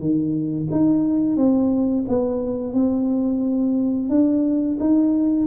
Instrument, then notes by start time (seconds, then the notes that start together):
tuba
0.00 D#3
0.71 D#4
1.37 C4
2.08 B3
2.74 C4
4.10 D4
4.80 D#4